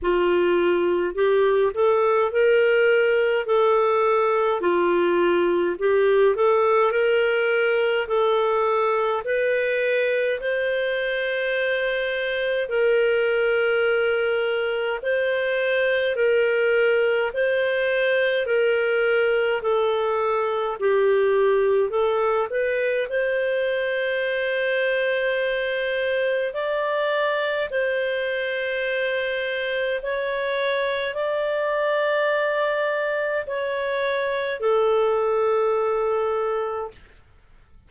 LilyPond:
\new Staff \with { instrumentName = "clarinet" } { \time 4/4 \tempo 4 = 52 f'4 g'8 a'8 ais'4 a'4 | f'4 g'8 a'8 ais'4 a'4 | b'4 c''2 ais'4~ | ais'4 c''4 ais'4 c''4 |
ais'4 a'4 g'4 a'8 b'8 | c''2. d''4 | c''2 cis''4 d''4~ | d''4 cis''4 a'2 | }